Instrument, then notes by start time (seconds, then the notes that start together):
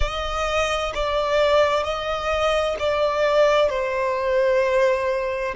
violin
0.00 D#5
0.94 D5
1.83 D#5
2.79 D5
3.69 C5